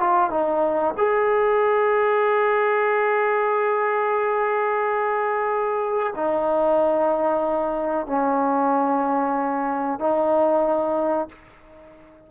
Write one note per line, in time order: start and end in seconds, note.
0.00 0.30 F4
0.30 0.95 D#4
0.98 6.14 G#4
6.16 8.07 D#4
8.07 10.00 C#4
10.00 11.29 D#4